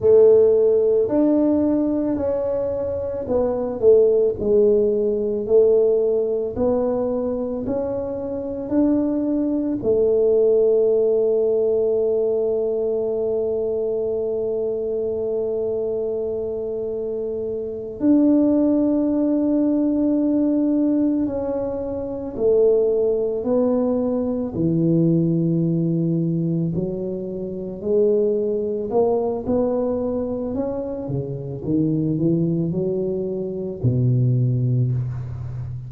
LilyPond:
\new Staff \with { instrumentName = "tuba" } { \time 4/4 \tempo 4 = 55 a4 d'4 cis'4 b8 a8 | gis4 a4 b4 cis'4 | d'4 a2.~ | a1~ |
a8 d'2. cis'8~ | cis'8 a4 b4 e4.~ | e8 fis4 gis4 ais8 b4 | cis'8 cis8 dis8 e8 fis4 b,4 | }